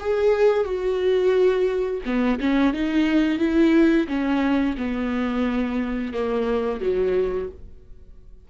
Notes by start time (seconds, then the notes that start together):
0.00 G#4
0.65 F#4
2.05 B3
2.40 C#4
2.73 D#4
3.39 E4
4.08 C#4
4.77 B3
6.14 A#3
6.81 F#3